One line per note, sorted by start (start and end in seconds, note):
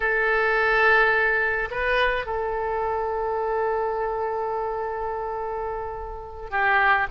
0.00 1.69 A4
1.70 2.26 B4
2.26 6.50 A4
6.50 7.07 G4